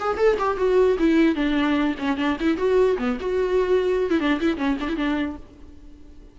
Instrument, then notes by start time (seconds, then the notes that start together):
viola
0.00 G#4
0.17 A4
0.39 G4
0.57 F#4
0.99 E4
1.35 D4
1.99 C#4
2.17 D4
2.40 E4
2.57 F#4
2.98 B3
3.21 F#4
4.11 E4
4.20 D4
4.41 E4
4.57 C#4
4.80 D4
4.89 E4
4.97 D4